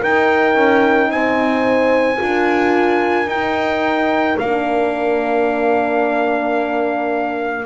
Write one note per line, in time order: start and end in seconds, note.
0.00 0.55 D#4
0.00 2.17 D#4
0.00 1.09 A#4
0.00 1.11 G5
0.55 1.09 C#4
1.09 2.18 C4
1.09 2.18 C5
1.09 3.28 G#5
2.17 3.27 D4
2.17 3.26 F4
2.17 7.64 A#4
3.27 4.36 D#4
3.27 4.40 D#4
3.27 4.37 G5
4.39 7.65 A#3
4.39 7.65 D4
4.39 7.65 F5